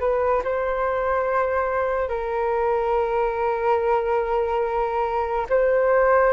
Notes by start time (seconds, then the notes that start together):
0.00 B4
0.44 C5
2.09 A#4
5.50 C5